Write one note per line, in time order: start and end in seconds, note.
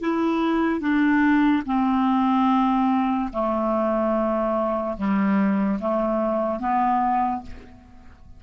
0.00 0.80 E4
0.80 1.63 D4
1.66 3.30 C4
3.33 4.97 A3
4.97 5.79 G3
5.80 6.59 A3
6.59 7.42 B3